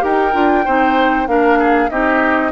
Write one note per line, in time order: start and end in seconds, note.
0.00 0.35 D#4
0.00 0.31 G4
0.00 0.65 A#4
0.00 1.28 G5
0.33 0.66 D4
0.33 0.65 F4
0.65 1.27 C4
0.65 1.27 D#4
0.65 1.27 C5
1.27 1.90 A#3
1.27 1.90 D4
1.27 1.59 A#4
1.27 1.90 F5
1.59 1.90 G#4
1.90 2.52 C4
1.90 2.52 D#4
1.90 2.52 G4
1.90 2.52 D#5